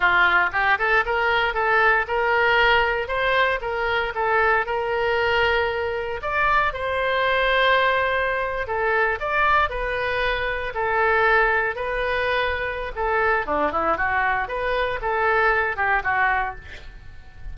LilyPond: \new Staff \with { instrumentName = "oboe" } { \time 4/4 \tempo 4 = 116 f'4 g'8 a'8 ais'4 a'4 | ais'2 c''4 ais'4 | a'4 ais'2. | d''4 c''2.~ |
c''8. a'4 d''4 b'4~ b'16~ | b'8. a'2 b'4~ b'16~ | b'4 a'4 d'8 e'8 fis'4 | b'4 a'4. g'8 fis'4 | }